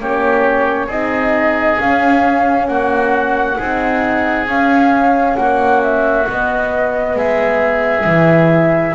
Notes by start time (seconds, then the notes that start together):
0.00 A#3 C#4 G4 C#5
0.87 C4 D#4 G#4 D#5
1.78 C#4 F5
2.67 A#3 F#4 F#5
3.58 C4 D#4 G#4
4.47 C#4 F5
5.36 A#3 F#4 F#5
5.83 E5
6.26 B3 D#5
7.16 G#3 G#4 E5
8.05 E3 E4